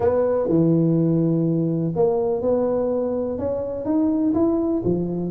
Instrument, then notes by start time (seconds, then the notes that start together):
tuba
0.00 B3
0.48 E3
1.95 A#3
2.41 B3
3.38 C#4
3.85 D#4
4.34 E4
4.84 F3